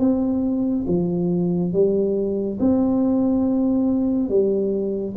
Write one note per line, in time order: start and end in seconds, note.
0.00 0.86 C4
0.88 1.73 F3
1.73 2.59 G3
2.60 4.29 C4
4.29 5.15 G3